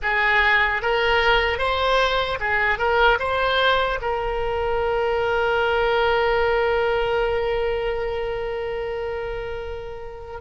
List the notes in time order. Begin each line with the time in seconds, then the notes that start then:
0.02 G#4
0.82 A#4
1.58 C5
2.40 G#4
2.78 A#4
3.19 C5
4.01 A#4